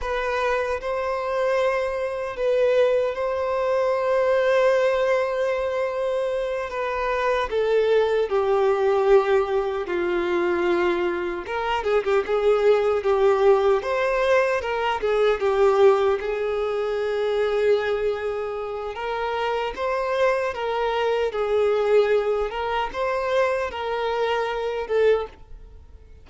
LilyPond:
\new Staff \with { instrumentName = "violin" } { \time 4/4 \tempo 4 = 76 b'4 c''2 b'4 | c''1~ | c''8 b'4 a'4 g'4.~ | g'8 f'2 ais'8 gis'16 g'16 gis'8~ |
gis'8 g'4 c''4 ais'8 gis'8 g'8~ | g'8 gis'2.~ gis'8 | ais'4 c''4 ais'4 gis'4~ | gis'8 ais'8 c''4 ais'4. a'8 | }